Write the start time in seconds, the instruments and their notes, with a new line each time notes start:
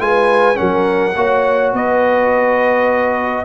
0.00 tuba G#3, trombone F4, horn B4, trumpet G#5
0.55 tuba F#3, trombone C#4, horn A#4, trumpet F#5
1.16 tuba A#3, trombone F#4, horn C#5
1.73 tuba B3, horn B4, trumpet D#5